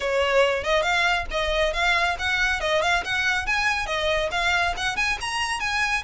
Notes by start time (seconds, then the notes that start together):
0.00 C#5
0.63 D#5
0.82 F5
1.30 D#5
1.73 F5
2.19 F#5
2.60 D#5
2.82 F5
3.04 F#5
3.46 G#5
3.86 D#5
4.31 F5
4.76 F#5
4.96 G#5
5.20 A#5
5.60 G#5